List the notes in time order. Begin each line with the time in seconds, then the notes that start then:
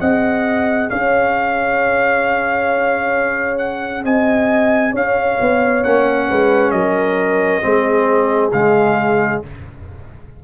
0.00 C4 G#4 D#5 F#5
0.90 C#4 C#5 F5
3.58 F#5
4.04 C4 D#5 G#5
4.92 C#4 C#5 F5
5.40 B3
5.84 A#3 C#4 F#5
6.28 G#3 B4
6.71 F#3 A#4 D#5
7.62 G#3 C4 G#4
8.52 C#3 G#3 F5